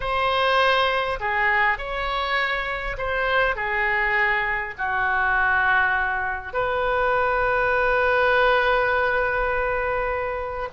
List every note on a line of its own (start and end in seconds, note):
0.00 1.19 C5
1.20 1.78 G#4
1.78 2.96 C#5
2.97 3.55 C5
3.55 4.74 G#4
4.78 6.53 F#4
6.53 10.68 B4